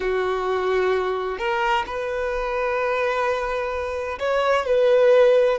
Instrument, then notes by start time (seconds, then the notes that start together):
violin
0.00 F#4
1.38 A#4
1.86 B4
4.19 C#5
4.65 B4